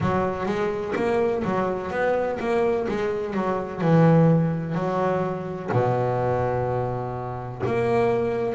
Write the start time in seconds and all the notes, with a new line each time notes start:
0.00 F#3
0.45 G#3
0.95 A#3
1.44 F#3
1.90 B3
2.39 A#3
2.88 G#3
3.33 F#3
3.81 E3
4.74 F#3
5.71 B2
7.65 A#3